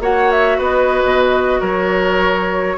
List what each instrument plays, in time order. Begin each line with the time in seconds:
0.00 bassoon A#3, clarinet F#4, oboe C#5, flute F#5
0.31 flute E5
0.58 bassoon B3, oboe B4, flute D#5
1.03 bassoon B2
1.60 bassoon F#3, oboe A#4, flute C#5